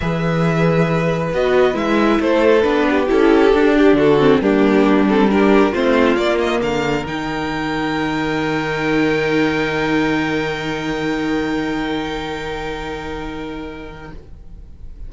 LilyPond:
<<
  \new Staff \with { instrumentName = "violin" } { \time 4/4 \tempo 4 = 136 e''2. dis''4 | e''4 c''4 b'4 a'4~ | a'8 g'8 a'4 g'4. a'8 | ais'4 c''4 d''8 dis''8 f''4 |
g''1~ | g''1~ | g''1~ | g''1 | }
  \new Staff \with { instrumentName = "violin" } { \time 4/4 b'1~ | b'4 a'4. g'4.~ | g'4 fis'4 d'2 | g'4 f'2 ais'4~ |
ais'1~ | ais'1~ | ais'1~ | ais'1 | }
  \new Staff \with { instrumentName = "viola" } { \time 4/4 gis'2. fis'4 | e'2 d'4 e'4 | d'4. c'8 ais4. c'8 | d'4 c'4 ais2 |
dis'1~ | dis'1~ | dis'1~ | dis'1 | }
  \new Staff \with { instrumentName = "cello" } { \time 4/4 e2. b4 | gis4 a4 b4 cis'4 | d'4 d4 g2~ | g4 a4 ais4 d4 |
dis1~ | dis1~ | dis1~ | dis1 | }
>>